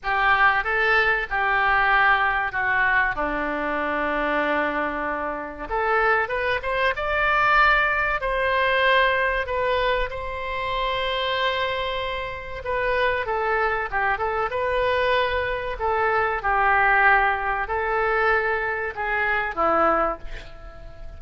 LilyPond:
\new Staff \with { instrumentName = "oboe" } { \time 4/4 \tempo 4 = 95 g'4 a'4 g'2 | fis'4 d'2.~ | d'4 a'4 b'8 c''8 d''4~ | d''4 c''2 b'4 |
c''1 | b'4 a'4 g'8 a'8 b'4~ | b'4 a'4 g'2 | a'2 gis'4 e'4 | }